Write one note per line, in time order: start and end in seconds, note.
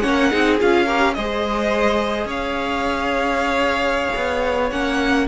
0.00 0.32 A#3
0.00 0.31 C#4
0.00 0.30 C#5
0.00 0.57 F#5
0.30 0.61 C4
0.30 0.59 D#4
0.30 0.86 G#4
0.59 1.17 C#4
0.59 0.87 F4
0.59 1.14 F5
0.86 1.15 G4
0.86 1.14 A#4
1.14 2.25 G#3
1.14 4.70 G#4
1.14 2.27 C5
1.14 2.27 D#5
2.25 4.09 C#4
2.25 5.25 C#5
2.25 4.71 F5
4.16 4.72 B3
4.71 5.27 A#3
4.71 5.27 C#4
4.71 5.27 F#5